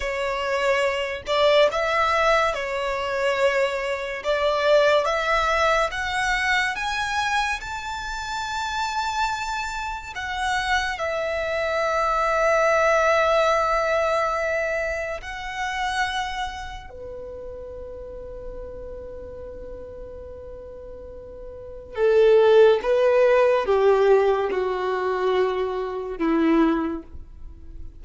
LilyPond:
\new Staff \with { instrumentName = "violin" } { \time 4/4 \tempo 4 = 71 cis''4. d''8 e''4 cis''4~ | cis''4 d''4 e''4 fis''4 | gis''4 a''2. | fis''4 e''2.~ |
e''2 fis''2 | b'1~ | b'2 a'4 b'4 | g'4 fis'2 e'4 | }